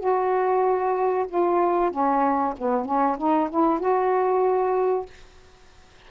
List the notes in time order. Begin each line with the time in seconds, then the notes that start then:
0.00 F#4
1.29 F4
1.91 C#4
2.58 B3
2.85 C#4
3.18 D#4
3.50 E4
3.80 F#4